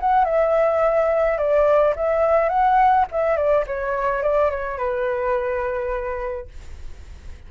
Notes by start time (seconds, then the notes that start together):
0.00 F#5
0.24 E5
1.38 D5
1.96 E5
2.49 F#5
3.11 E5
3.36 D5
3.66 C#5
4.22 D5
4.50 C#5
4.78 B4